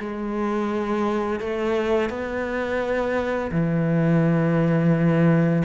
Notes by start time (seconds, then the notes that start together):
0.00 G#3
1.41 A3
2.10 B3
3.52 E3